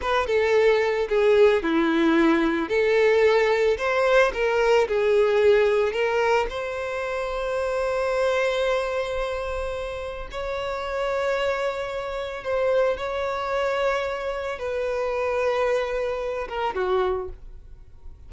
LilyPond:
\new Staff \with { instrumentName = "violin" } { \time 4/4 \tempo 4 = 111 b'8 a'4. gis'4 e'4~ | e'4 a'2 c''4 | ais'4 gis'2 ais'4 | c''1~ |
c''2. cis''4~ | cis''2. c''4 | cis''2. b'4~ | b'2~ b'8 ais'8 fis'4 | }